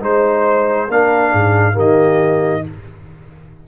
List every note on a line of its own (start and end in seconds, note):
0.00 0.89 G#3
0.00 0.88 D#4
0.00 0.88 C5
0.00 0.91 C5
0.88 1.33 A#3
0.88 1.73 D4
0.88 1.32 A#4
0.88 1.79 F5
1.32 1.76 G#2
1.32 1.74 G#4
1.73 2.65 D#3
1.73 2.61 A#3
1.73 2.62 G4
1.79 2.67 D#5